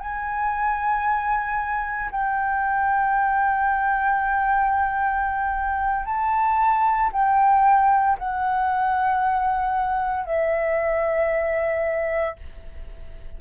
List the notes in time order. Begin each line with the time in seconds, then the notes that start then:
0.00 G#5
2.11 G5
6.05 A5
7.12 G5
8.19 F#5
10.25 E5